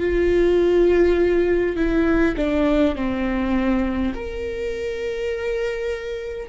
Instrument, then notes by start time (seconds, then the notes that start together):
viola
0.00 F4
1.76 E4
2.37 D4
2.95 C4
4.14 A#4